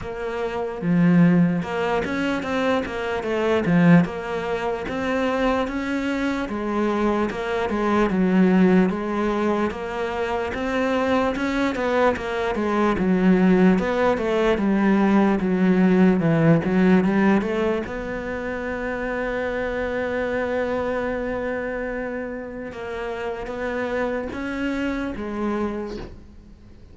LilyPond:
\new Staff \with { instrumentName = "cello" } { \time 4/4 \tempo 4 = 74 ais4 f4 ais8 cis'8 c'8 ais8 | a8 f8 ais4 c'4 cis'4 | gis4 ais8 gis8 fis4 gis4 | ais4 c'4 cis'8 b8 ais8 gis8 |
fis4 b8 a8 g4 fis4 | e8 fis8 g8 a8 b2~ | b1 | ais4 b4 cis'4 gis4 | }